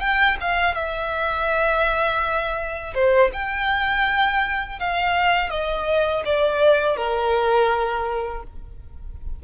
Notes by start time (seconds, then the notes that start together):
0.00 G5
0.40 F5
0.74 E5
2.94 C5
3.33 G5
4.79 F5
5.49 D#5
6.25 D5
6.96 A#4